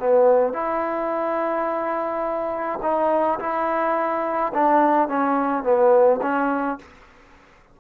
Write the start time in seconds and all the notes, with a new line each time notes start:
0.00 B3
0.54 E4
2.83 D#4
3.40 E4
4.54 D4
5.09 C#4
5.64 B3
6.22 C#4